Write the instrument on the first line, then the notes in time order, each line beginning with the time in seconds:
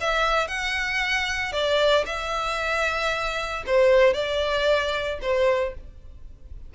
violin
0.00 E5
0.48 F#5
1.52 D5
2.06 E5
3.66 C5
4.14 D5
5.21 C5